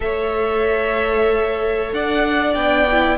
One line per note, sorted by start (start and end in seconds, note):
0.00 1.92 A3
0.00 2.54 A4
0.00 1.94 C#5
0.00 1.92 E5
1.93 2.55 D4
1.93 3.17 D5
1.93 2.54 F#5
2.54 3.17 B3
2.54 2.86 D4
2.54 3.17 G5
2.91 3.17 E4